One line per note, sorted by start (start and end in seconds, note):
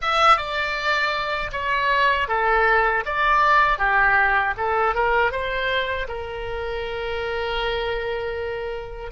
0.01 0.37 E5
0.37 1.51 D5
1.52 2.28 C#5
2.28 3.03 A4
3.05 3.78 D5
3.78 4.54 G4
4.57 4.94 A4
4.94 5.31 A#4
5.31 6.07 C5
6.08 9.11 A#4